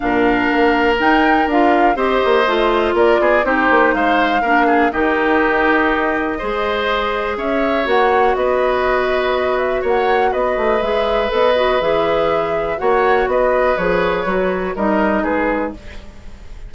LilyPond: <<
  \new Staff \with { instrumentName = "flute" } { \time 4/4 \tempo 4 = 122 f''2 g''4 f''4 | dis''2 d''4 c''4 | f''2 dis''2~ | dis''2. e''4 |
fis''4 dis''2~ dis''8 e''8 | fis''4 dis''4 e''4 dis''4 | e''2 fis''4 dis''4 | cis''2 dis''4 b'4 | }
  \new Staff \with { instrumentName = "oboe" } { \time 4/4 ais'1 | c''2 ais'8 gis'8 g'4 | c''4 ais'8 gis'8 g'2~ | g'4 c''2 cis''4~ |
cis''4 b'2. | cis''4 b'2.~ | b'2 cis''4 b'4~ | b'2 ais'4 gis'4 | }
  \new Staff \with { instrumentName = "clarinet" } { \time 4/4 d'2 dis'4 f'4 | g'4 f'2 dis'4~ | dis'4 d'4 dis'2~ | dis'4 gis'2. |
fis'1~ | fis'2 gis'4 a'8 fis'8 | gis'2 fis'2 | gis'4 fis'4 dis'2 | }
  \new Staff \with { instrumentName = "bassoon" } { \time 4/4 ais,4 ais4 dis'4 d'4 | c'8 ais8 a4 ais8 b8 c'8 ais8 | gis4 ais4 dis2~ | dis4 gis2 cis'4 |
ais4 b2. | ais4 b8 a8 gis4 b4 | e2 ais4 b4 | f4 fis4 g4 gis4 | }
>>